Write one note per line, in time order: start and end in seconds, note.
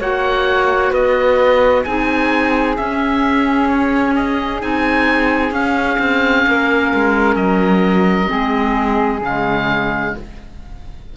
0.00 0.92 A#3
0.00 1.86 F#4
0.00 0.91 C#5
0.00 0.94 F#5
0.91 1.85 B3
0.91 1.84 B4
0.91 1.85 D#5
1.85 2.78 C4
1.85 2.77 D#4
1.85 6.48 G#4
1.85 2.77 G#5
2.77 4.60 C#4
2.77 4.63 C#4
2.77 3.69 E5
3.69 4.15 C#5
4.16 4.62 D#5
4.60 5.52 C4
4.60 5.52 D#4
4.60 5.54 G#5
5.52 5.98 C#4
5.52 8.28 C#4
5.52 7.36 F5
6.00 6.46 C4
6.47 6.93 A#3
6.47 8.31 A#4
6.95 7.36 G#3
7.36 8.28 F#3
7.36 9.21 D#5
8.28 9.22 G#3
8.28 9.20 C4
8.28 10.15 G#4
9.22 10.14 C#3
9.22 10.17 G#3
9.22 10.17 F5